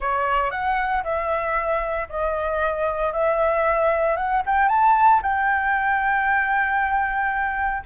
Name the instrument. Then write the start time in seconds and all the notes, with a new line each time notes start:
flute
0.00 C#5
0.51 F#5
1.03 E5
2.09 D#5
3.13 E5
4.16 F#5
4.46 G5
4.68 A5
5.22 G5